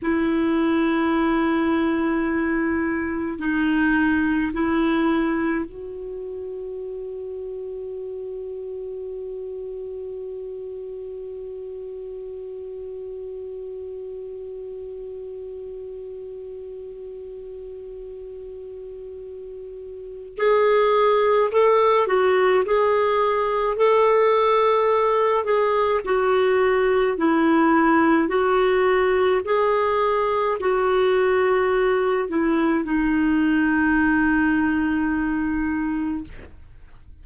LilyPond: \new Staff \with { instrumentName = "clarinet" } { \time 4/4 \tempo 4 = 53 e'2. dis'4 | e'4 fis'2.~ | fis'1~ | fis'1~ |
fis'2 gis'4 a'8 fis'8 | gis'4 a'4. gis'8 fis'4 | e'4 fis'4 gis'4 fis'4~ | fis'8 e'8 dis'2. | }